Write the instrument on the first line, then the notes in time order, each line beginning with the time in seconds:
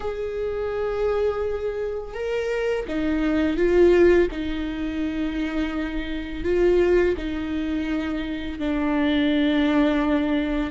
viola
0.00 G#4
2.14 A#4
2.87 D#4
3.56 F4
4.31 D#4
6.44 F4
7.17 D#4
8.59 D4